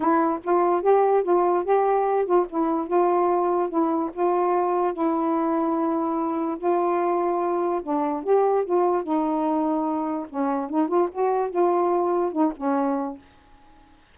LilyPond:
\new Staff \with { instrumentName = "saxophone" } { \time 4/4 \tempo 4 = 146 e'4 f'4 g'4 f'4 | g'4. f'8 e'4 f'4~ | f'4 e'4 f'2 | e'1 |
f'2. d'4 | g'4 f'4 dis'2~ | dis'4 cis'4 dis'8 f'8 fis'4 | f'2 dis'8 cis'4. | }